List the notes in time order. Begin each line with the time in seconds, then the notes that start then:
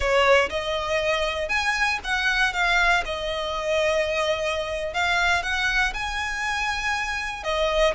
0.00 C#5
0.49 D#5
1.49 G#5
2.04 F#5
2.53 F5
3.05 D#5
4.93 F5
5.42 F#5
5.93 G#5
7.43 D#5